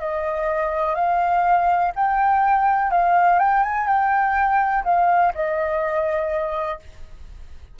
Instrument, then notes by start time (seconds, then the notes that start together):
flute
0.00 D#5
0.95 F5
1.95 G5
2.91 F5
3.39 G5
3.63 G#5
3.87 G5
4.84 F5
5.34 D#5